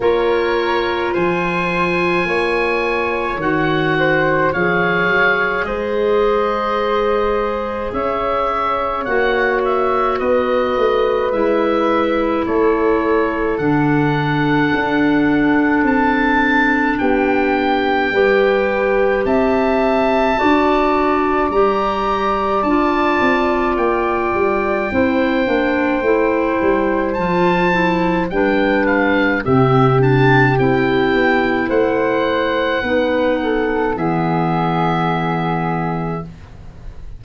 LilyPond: <<
  \new Staff \with { instrumentName = "oboe" } { \time 4/4 \tempo 4 = 53 cis''4 gis''2 fis''4 | f''4 dis''2 e''4 | fis''8 e''8 dis''4 e''4 cis''4 | fis''2 a''4 g''4~ |
g''4 a''2 ais''4 | a''4 g''2. | a''4 g''8 f''8 e''8 a''8 g''4 | fis''2 e''2 | }
  \new Staff \with { instrumentName = "flute" } { \time 4/4 ais'4 c''4 cis''4. c''8 | cis''4 c''2 cis''4~ | cis''4 b'2 a'4~ | a'2. g'4 |
b'4 e''4 d''2~ | d''2 c''2~ | c''4 b'4 g'2 | c''4 b'8 a'8 gis'2 | }
  \new Staff \with { instrumentName = "clarinet" } { \time 4/4 f'2. fis'4 | gis'1 | fis'2 e'2 | d'1 |
g'2 fis'4 g'4 | f'2 e'8 d'8 e'4 | f'8 e'8 d'4 c'8 d'8 e'4~ | e'4 dis'4 b2 | }
  \new Staff \with { instrumentName = "tuba" } { \time 4/4 ais4 f4 ais4 dis4 | f8 fis8 gis2 cis'4 | ais4 b8 a8 gis4 a4 | d4 d'4 c'4 b4 |
g4 c'4 d'4 g4 | d'8 c'8 ais8 g8 c'8 ais8 a8 g8 | f4 g4 c4 c'8 b8 | a4 b4 e2 | }
>>